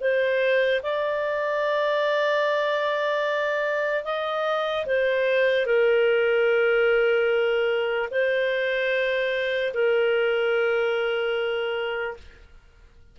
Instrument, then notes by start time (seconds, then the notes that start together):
clarinet
0.00 C5
0.83 D5
4.04 D#5
4.85 C5
5.66 A#4
8.10 C5
9.73 A#4